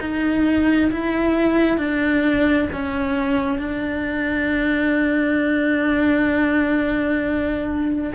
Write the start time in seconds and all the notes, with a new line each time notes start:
0.00 D#4
0.91 E4
1.77 D4
2.72 C#4
3.58 D4